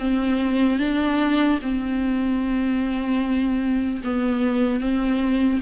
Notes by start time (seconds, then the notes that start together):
0.00 C4
0.80 D4
1.62 C4
4.04 B3
4.80 C4